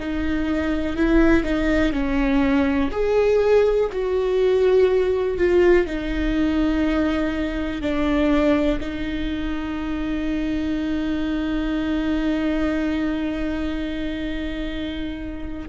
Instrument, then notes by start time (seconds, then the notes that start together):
viola
0.00 D#4
0.97 E4
1.44 D#4
1.93 C#4
2.92 G#4
3.93 F#4
5.38 F4
5.87 D#4
7.82 D4
8.81 D#4